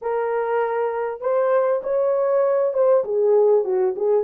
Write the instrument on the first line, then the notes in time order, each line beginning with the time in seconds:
horn
0.01 A#4
1.21 C5
1.83 C#5
2.73 C5
3.04 G#4
3.64 F#4
3.96 G#4